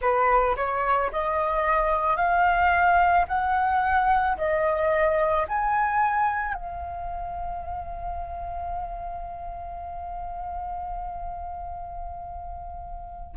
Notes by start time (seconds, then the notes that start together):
0.00 B4
0.56 C#5
1.12 D#5
2.16 F5
3.27 F#5
4.37 D#5
5.48 G#5
6.54 F5